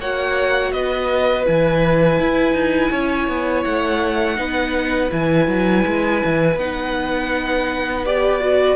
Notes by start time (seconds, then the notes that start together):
0.00 A#3 F#4 C#5 F#5
0.73 B3 B4 D#5
1.45 E3 E4 G#5
2.20 E4
2.53 D#4
2.92 C#4 C#5
3.28 B3
3.64 A3 F#5
4.36 B3 D#4 B4
5.11 E3 E4 G#5
5.48 F#3
5.87 G#3
6.25 E3
6.56 B3 D#4 F#5
8.06 G4 D5
8.41 F#4